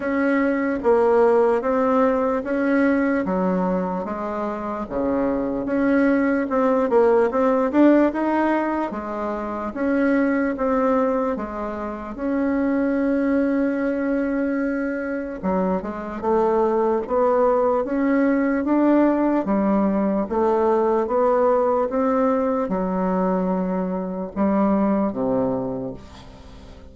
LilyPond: \new Staff \with { instrumentName = "bassoon" } { \time 4/4 \tempo 4 = 74 cis'4 ais4 c'4 cis'4 | fis4 gis4 cis4 cis'4 | c'8 ais8 c'8 d'8 dis'4 gis4 | cis'4 c'4 gis4 cis'4~ |
cis'2. fis8 gis8 | a4 b4 cis'4 d'4 | g4 a4 b4 c'4 | fis2 g4 c4 | }